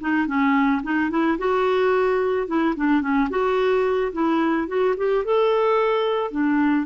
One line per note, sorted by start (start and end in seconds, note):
0.00 0.27 D#4
0.27 0.82 C#4
0.83 1.10 D#4
1.10 1.37 E4
1.38 2.47 F#4
2.47 2.74 E4
2.76 3.01 D4
3.01 3.28 C#4
3.29 4.12 F#4
4.12 4.67 E4
4.67 4.95 F#4
4.97 5.24 G4
5.24 6.31 A4
6.31 6.86 D4